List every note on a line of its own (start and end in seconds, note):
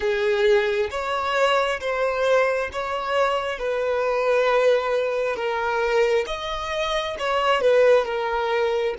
0.00 0.90 G#4
0.90 1.80 C#5
1.80 2.69 C5
2.72 3.58 C#5
3.58 5.35 B4
5.35 6.25 A#4
6.26 7.16 D#5
7.18 7.61 C#5
7.61 8.05 B4
8.05 8.94 A#4